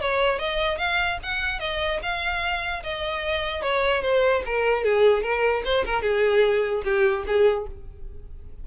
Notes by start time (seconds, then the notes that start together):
0.00 C#5
0.38 D#5
0.78 F5
1.22 F#5
1.60 D#5
2.02 F5
2.83 D#5
3.62 C#5
4.02 C5
4.45 A#4
4.84 G#4
5.22 A#4
5.64 C5
5.85 A#4
6.02 G#4
6.84 G4
7.26 G#4